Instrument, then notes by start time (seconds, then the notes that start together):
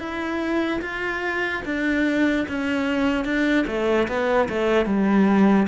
cello
0.00 E4
0.82 F4
1.66 D4
2.49 C#4
3.25 D4
3.68 A3
4.08 B3
4.49 A3
4.86 G3